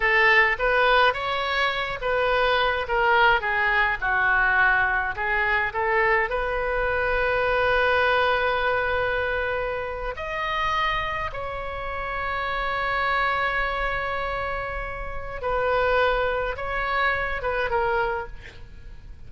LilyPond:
\new Staff \with { instrumentName = "oboe" } { \time 4/4 \tempo 4 = 105 a'4 b'4 cis''4. b'8~ | b'4 ais'4 gis'4 fis'4~ | fis'4 gis'4 a'4 b'4~ | b'1~ |
b'4.~ b'16 dis''2 cis''16~ | cis''1~ | cis''2. b'4~ | b'4 cis''4. b'8 ais'4 | }